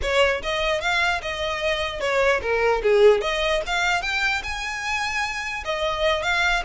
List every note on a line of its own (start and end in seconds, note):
0.01 0.42 C#5
0.42 0.80 D#5
0.80 1.21 F5
1.22 2.00 D#5
2.00 2.40 C#5
2.41 2.82 A#4
2.82 3.21 G#4
3.21 3.61 D#5
3.66 4.02 F5
4.02 4.42 G5
4.43 5.64 G#5
5.64 6.22 D#5
6.22 6.62 F5